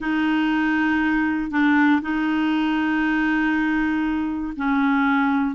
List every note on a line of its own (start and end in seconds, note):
0.00 1.50 D#4
1.50 2.01 D4
2.01 4.53 D#4
4.56 5.55 C#4